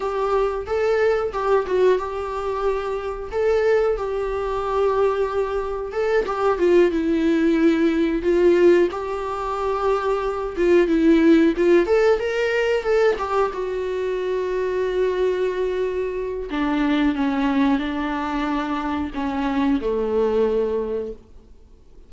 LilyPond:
\new Staff \with { instrumentName = "viola" } { \time 4/4 \tempo 4 = 91 g'4 a'4 g'8 fis'8 g'4~ | g'4 a'4 g'2~ | g'4 a'8 g'8 f'8 e'4.~ | e'8 f'4 g'2~ g'8 |
f'8 e'4 f'8 a'8 ais'4 a'8 | g'8 fis'2.~ fis'8~ | fis'4 d'4 cis'4 d'4~ | d'4 cis'4 a2 | }